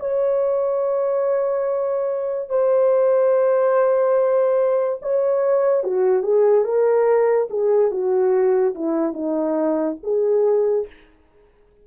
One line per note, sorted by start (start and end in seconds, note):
0.00 2.49 C#5
2.49 4.99 C5
5.02 5.84 C#5
5.84 6.23 F#4
6.23 6.65 G#4
6.65 7.48 A#4
7.50 7.92 G#4
7.92 8.75 F#4
8.75 9.14 E4
9.14 9.97 D#4
10.04 10.87 G#4